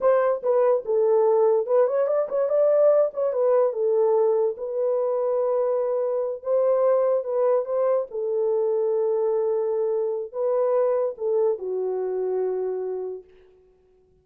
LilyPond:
\new Staff \with { instrumentName = "horn" } { \time 4/4 \tempo 4 = 145 c''4 b'4 a'2 | b'8 cis''8 d''8 cis''8 d''4. cis''8 | b'4 a'2 b'4~ | b'2.~ b'8 c''8~ |
c''4. b'4 c''4 a'8~ | a'1~ | a'4 b'2 a'4 | fis'1 | }